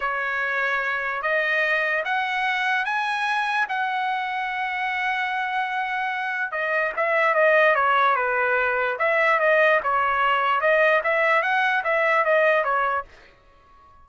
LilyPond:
\new Staff \with { instrumentName = "trumpet" } { \time 4/4 \tempo 4 = 147 cis''2. dis''4~ | dis''4 fis''2 gis''4~ | gis''4 fis''2.~ | fis''1 |
dis''4 e''4 dis''4 cis''4 | b'2 e''4 dis''4 | cis''2 dis''4 e''4 | fis''4 e''4 dis''4 cis''4 | }